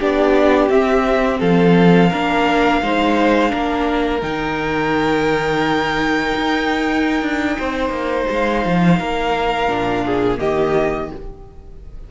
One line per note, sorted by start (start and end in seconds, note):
0.00 0.70 B3
0.00 0.70 D4
0.00 1.40 G4
0.00 0.71 D5
0.70 1.41 C4
0.70 2.11 C4
0.70 1.41 E5
1.40 2.12 F3
1.40 2.10 A4
1.40 4.22 F5
2.10 2.82 A#3
2.10 2.83 D4
2.10 2.81 A#4
2.82 3.53 G#3
2.82 3.49 D#4
2.82 3.51 C5
3.49 4.22 A#3
3.49 4.20 D4
3.49 7.57 A#4
4.22 6.34 D#3
4.22 9.69 D#4
4.22 8.28 G5
6.36 7.22 D#4
7.22 7.58 D4
7.59 7.90 C4
7.59 8.99 C5
7.90 8.25 A#3
8.30 8.65 G#3
8.30 10.40 F5
8.65 9.00 F3
8.99 9.68 A#3
8.99 10.05 A#4
9.68 10.39 A#2
9.68 10.38 D4
10.05 10.41 G#4
10.38 11.12 D#3
10.38 11.08 A#3
10.38 11.11 G4
10.38 11.10 D#5